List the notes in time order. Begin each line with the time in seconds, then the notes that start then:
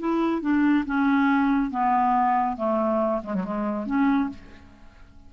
0.00 E4
0.41 D4
0.86 C#4
1.71 B3
2.57 A3
3.23 G#3
3.34 F#3
3.44 G#3
3.86 C#4